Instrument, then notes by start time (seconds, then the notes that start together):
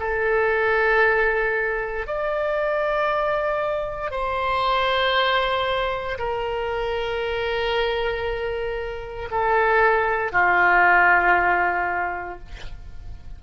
oboe
0.00 A4
2.07 D5
4.11 C5
6.18 A#4
9.32 A4
10.32 F4